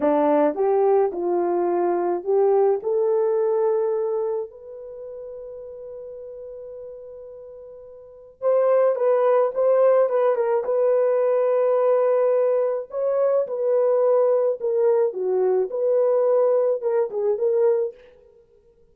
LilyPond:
\new Staff \with { instrumentName = "horn" } { \time 4/4 \tempo 4 = 107 d'4 g'4 f'2 | g'4 a'2. | b'1~ | b'2. c''4 |
b'4 c''4 b'8 ais'8 b'4~ | b'2. cis''4 | b'2 ais'4 fis'4 | b'2 ais'8 gis'8 ais'4 | }